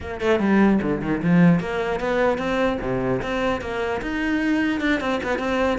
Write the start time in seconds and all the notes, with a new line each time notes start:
0.00 A#3
0.21 A3
0.39 G3
0.82 D3
1.01 D#3
1.22 F3
1.59 A#3
2.00 B3
2.38 C4
2.81 C3
3.21 C4
3.61 A#3
4.01 D#4
4.80 D4
5.00 C4
5.23 B3
5.38 C4